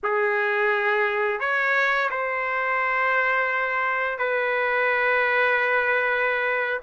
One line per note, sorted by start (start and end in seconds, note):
0.03 1.40 G#4
1.40 2.09 C#5
2.10 4.18 C5
4.18 6.80 B4